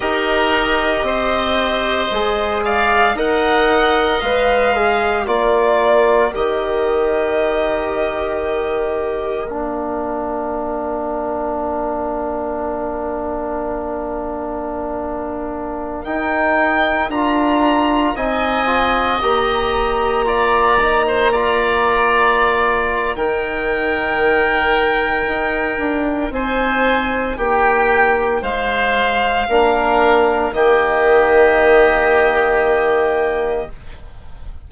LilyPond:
<<
  \new Staff \with { instrumentName = "violin" } { \time 4/4 \tempo 4 = 57 dis''2~ dis''8 f''8 fis''4 | f''4 d''4 dis''2~ | dis''4 f''2.~ | f''2.~ f''16 g''8.~ |
g''16 ais''4 gis''4 ais''4.~ ais''16~ | ais''2 g''2~ | g''4 gis''4 g''4 f''4~ | f''4 dis''2. | }
  \new Staff \with { instrumentName = "oboe" } { \time 4/4 ais'4 c''4. d''8 dis''4~ | dis''4 ais'2.~ | ais'1~ | ais'1~ |
ais'4~ ais'16 dis''2 d''8. | c''16 d''4.~ d''16 ais'2~ | ais'4 c''4 g'4 c''4 | ais'4 g'2. | }
  \new Staff \with { instrumentName = "trombone" } { \time 4/4 g'2 gis'4 ais'4 | b'8 gis'8 f'4 g'2~ | g'4 d'2.~ | d'2.~ d'16 dis'8.~ |
dis'16 f'4 dis'8 f'8 g'4 f'8 dis'16~ | dis'16 f'4.~ f'16 dis'2~ | dis'1 | d'4 ais2. | }
  \new Staff \with { instrumentName = "bassoon" } { \time 4/4 dis'4 c'4 gis4 dis'4 | gis4 ais4 dis2~ | dis4 ais2.~ | ais2.~ ais16 dis'8.~ |
dis'16 d'4 c'4 ais4.~ ais16~ | ais2 dis2 | dis'8 d'8 c'4 ais4 gis4 | ais4 dis2. | }
>>